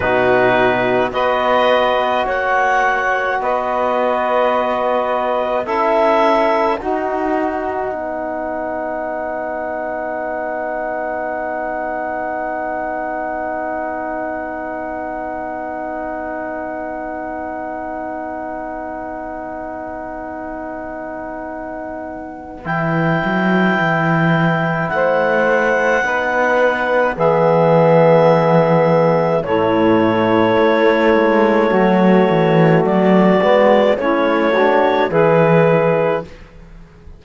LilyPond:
<<
  \new Staff \with { instrumentName = "clarinet" } { \time 4/4 \tempo 4 = 53 b'4 dis''4 fis''4 dis''4~ | dis''4 e''4 fis''2~ | fis''1~ | fis''1~ |
fis''1 | g''2 fis''2 | e''2 cis''2~ | cis''4 d''4 cis''4 b'4 | }
  \new Staff \with { instrumentName = "saxophone" } { \time 4/4 fis'4 b'4 cis''4 b'4~ | b'4 a'4 fis'4 b'4~ | b'1~ | b'1~ |
b'1~ | b'2 c''4 b'4 | gis'2 e'2 | fis'2 e'8 fis'8 gis'4 | }
  \new Staff \with { instrumentName = "trombone" } { \time 4/4 dis'4 fis'2.~ | fis'4 e'4 dis'2~ | dis'1~ | dis'1~ |
dis'1 | e'2. dis'4 | b2 a2~ | a4. b8 cis'8 d'8 e'4 | }
  \new Staff \with { instrumentName = "cello" } { \time 4/4 b,4 b4 ais4 b4~ | b4 cis'4 dis'4 b4~ | b1~ | b1~ |
b1 | e8 fis8 e4 a4 b4 | e2 a,4 a8 gis8 | fis8 e8 fis8 gis8 a4 e4 | }
>>